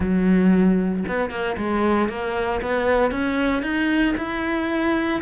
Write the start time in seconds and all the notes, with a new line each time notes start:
0.00 F#3
1.08 B3
1.30 A#3
1.57 G#3
2.08 A#3
2.61 B3
3.11 C#4
3.62 D#4
4.17 E4